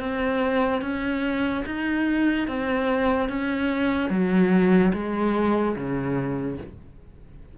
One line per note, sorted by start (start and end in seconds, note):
0.00 0.82 C4
0.82 1.64 C#4
1.66 2.48 D#4
2.48 3.29 C4
3.29 4.10 C#4
4.10 4.92 F#3
4.94 5.76 G#3
5.76 6.58 C#3